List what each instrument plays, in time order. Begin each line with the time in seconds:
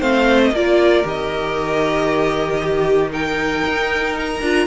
0.00 cello A3, viola C4, violin C5 F5
0.44 violin D#5
0.52 cello A#3, viola F4, violin A#4 D5
1.03 cello D#3, viola G4, violin D#5
2.62 violin G4
3.12 viola D#4, violin A#4 G5
3.66 cello D#4
4.20 violin A#5
4.42 cello D4, viola F4